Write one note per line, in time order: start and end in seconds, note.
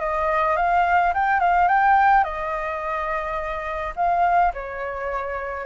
0.00 0.57 D#5
0.57 1.13 F5
1.14 1.40 G5
1.40 1.68 F5
1.68 2.24 G5
2.24 3.94 D#5
3.96 4.53 F5
4.54 5.66 C#5